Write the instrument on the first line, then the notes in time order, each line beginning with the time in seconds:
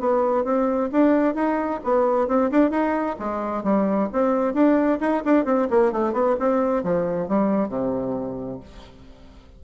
bassoon
0.00 B3
0.45 C4
0.92 D4
1.35 D#4
1.84 B3
2.28 C4
2.51 D4
2.71 D#4
3.19 G#3
3.64 G3
4.13 C4
4.54 D4
5.00 D#4
5.25 D4
5.45 C4
5.70 A#3
5.93 A3
6.13 B3
6.40 C4
6.84 F3
7.29 G3
7.69 C3